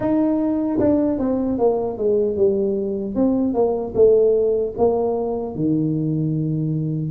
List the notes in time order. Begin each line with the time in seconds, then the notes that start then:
0.00 D#4
0.79 D4
1.18 C4
1.58 A#3
1.97 G#3
2.36 G3
3.15 C4
3.54 A#3
3.95 A3
4.77 A#3
5.55 D#3